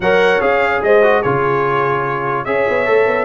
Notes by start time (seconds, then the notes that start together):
0.00 F#3 A#4 C#5 F#5
0.40 C#4 G#4 F5
0.82 G#3 C5 D#5
1.02 F#4
1.21 C#3 F4 G#4 C#5
2.44 C#4 G#4 C#5 E5
2.68 B3
2.85 A3 A4
3.06 B3